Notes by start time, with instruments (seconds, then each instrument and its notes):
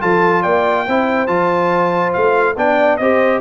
0.00 tuba F3, trombone F4, horn A4, trumpet A5
0.42 tuba A#3, horn D5, trumpet G5
0.86 tuba C4, trombone E4, horn C5
1.27 tuba F3, trombone F4, trumpet A5
2.13 tuba A3, trumpet F5
2.57 tuba B3, trombone D4, horn D5, trumpet G5
2.97 tuba C4, trombone G4, horn C5, trumpet D#5